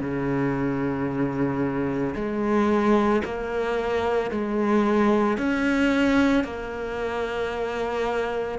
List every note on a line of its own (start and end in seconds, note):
0.00 2.14 C#3
2.15 3.22 G#3
3.24 4.31 A#3
4.31 5.37 G#3
5.37 6.44 C#4
6.44 8.58 A#3